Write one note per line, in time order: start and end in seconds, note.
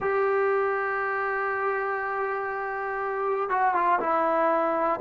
0.00 3.49 G4
3.49 3.74 F#4
3.74 3.99 F4
4.00 5.00 E4